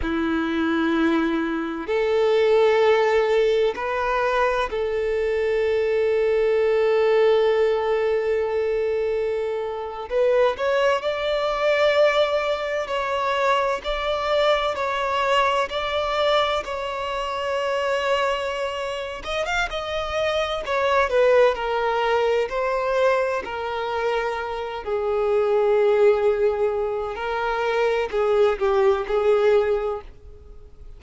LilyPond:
\new Staff \with { instrumentName = "violin" } { \time 4/4 \tempo 4 = 64 e'2 a'2 | b'4 a'2.~ | a'2~ a'8. b'8 cis''8 d''16~ | d''4.~ d''16 cis''4 d''4 cis''16~ |
cis''8. d''4 cis''2~ cis''16~ | cis''8 dis''16 f''16 dis''4 cis''8 b'8 ais'4 | c''4 ais'4. gis'4.~ | gis'4 ais'4 gis'8 g'8 gis'4 | }